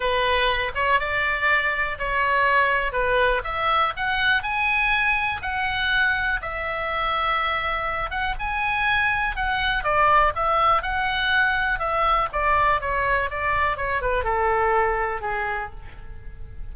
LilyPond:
\new Staff \with { instrumentName = "oboe" } { \time 4/4 \tempo 4 = 122 b'4. cis''8 d''2 | cis''2 b'4 e''4 | fis''4 gis''2 fis''4~ | fis''4 e''2.~ |
e''8 fis''8 gis''2 fis''4 | d''4 e''4 fis''2 | e''4 d''4 cis''4 d''4 | cis''8 b'8 a'2 gis'4 | }